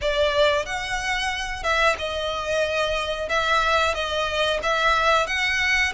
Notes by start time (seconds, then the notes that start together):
0.01 D5
0.65 F#5
1.63 E5
1.98 D#5
3.28 E5
3.94 D#5
4.62 E5
5.26 F#5